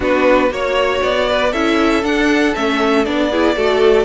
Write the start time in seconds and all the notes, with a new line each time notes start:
0.00 B3 D4 F#4 B4
0.50 A#3 F#4 C#5
1.02 B3 D5
1.29 B4
1.51 C#4 E4 A4 E5
2.03 D4 F#5
2.55 A3 C#4 E5
3.05 B3 D4 D5
3.30 E4 G#4
3.56 A3 F#4 A4